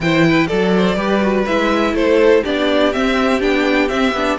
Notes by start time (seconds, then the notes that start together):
0.00 E3 E4 C5 G5
0.27 B4
0.47 F#3 A4 D5
0.77 C5
0.95 G3 G4 B4
1.21 F#4
1.46 G#3 E4 E5
1.93 A3 A4 C5
2.43 B3 D4 G4 D5
2.92 C4 E5
3.40 B3 D4 G5
3.88 C4 E5
4.13 B3 D4